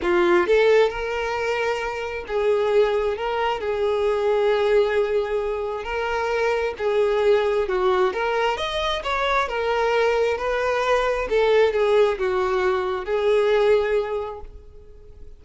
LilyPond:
\new Staff \with { instrumentName = "violin" } { \time 4/4 \tempo 4 = 133 f'4 a'4 ais'2~ | ais'4 gis'2 ais'4 | gis'1~ | gis'4 ais'2 gis'4~ |
gis'4 fis'4 ais'4 dis''4 | cis''4 ais'2 b'4~ | b'4 a'4 gis'4 fis'4~ | fis'4 gis'2. | }